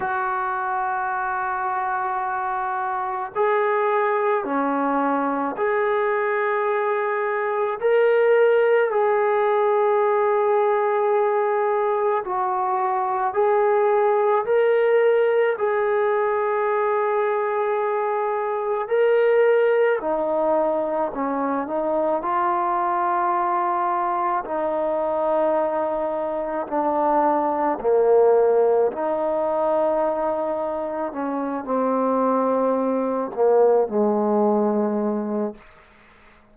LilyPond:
\new Staff \with { instrumentName = "trombone" } { \time 4/4 \tempo 4 = 54 fis'2. gis'4 | cis'4 gis'2 ais'4 | gis'2. fis'4 | gis'4 ais'4 gis'2~ |
gis'4 ais'4 dis'4 cis'8 dis'8 | f'2 dis'2 | d'4 ais4 dis'2 | cis'8 c'4. ais8 gis4. | }